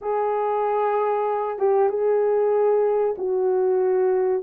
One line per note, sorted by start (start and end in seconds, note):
0.01 1.58 G#4
1.58 1.89 G4
1.89 3.15 G#4
3.18 4.42 F#4